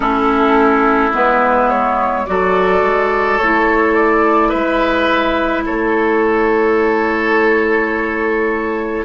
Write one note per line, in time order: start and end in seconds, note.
0.00 1.10 A3
0.00 1.12 C#4
0.00 2.26 E4
0.00 1.13 A4
1.12 2.25 G#3
1.12 2.25 B3
1.12 1.69 B4
1.69 2.25 C#5
2.25 2.81 F#3
2.25 3.39 F#4
2.25 4.48 A4
2.25 3.37 D5
2.81 3.38 G#3
3.37 4.53 A3
3.37 9.04 E4
3.37 3.94 C#5
3.94 4.50 D5
4.48 5.66 G#3
4.48 5.62 B4
4.48 5.63 E5
5.66 9.04 A3
5.66 9.04 A4
5.66 9.04 C#5